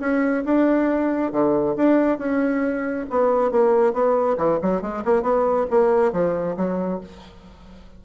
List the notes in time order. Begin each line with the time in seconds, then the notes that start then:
0.00 C#4
0.45 D4
1.32 D3
1.76 D4
2.18 C#4
3.10 B3
3.51 A#3
3.93 B3
4.37 E3
4.62 F#3
4.81 G#3
5.05 A#3
5.22 B3
5.70 A#3
6.12 F3
6.57 F#3